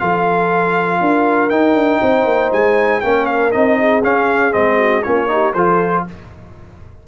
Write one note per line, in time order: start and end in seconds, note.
0.00 1.01 F3
0.00 1.51 F4
0.00 1.01 A4
0.00 1.50 F5
1.01 1.51 D4
1.01 2.01 A#4
1.50 1.75 D#4
1.50 3.02 D#4
1.50 2.51 G5
1.75 2.00 D4
2.01 2.25 C4
2.01 3.02 C5
2.25 2.50 A#3
2.53 3.03 G#3
2.53 3.01 G#5
3.01 3.54 A#3
3.01 3.52 C#4
3.01 3.79 A#4
3.01 3.26 G5
3.26 3.52 F5
3.52 4.04 C4
3.52 4.03 D#4
3.52 4.02 D#5
3.79 4.78 G#4
4.04 4.54 C#4
4.04 4.52 C#4
4.04 4.54 F5
4.52 5.06 G#3
4.52 5.03 C4
4.52 5.03 D#5
4.78 5.03 F#4
5.03 5.55 A#3
5.03 5.28 C#4
5.03 5.30 F4
5.03 5.54 C#5
5.28 5.53 D#4
5.28 5.55 G4
5.54 6.05 F3
5.54 6.08 F4
5.54 6.05 A4
5.54 6.04 C5